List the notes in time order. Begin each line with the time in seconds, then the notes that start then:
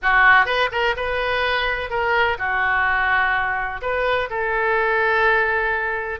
0.02 F#4
0.45 B4
0.71 A#4
0.96 B4
1.90 A#4
2.38 F#4
3.81 B4
4.30 A4